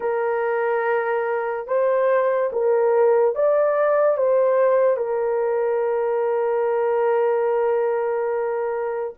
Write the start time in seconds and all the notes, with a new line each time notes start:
0.00 A#4
1.67 C5
2.52 A#4
3.35 D5
4.17 C5
4.96 A#4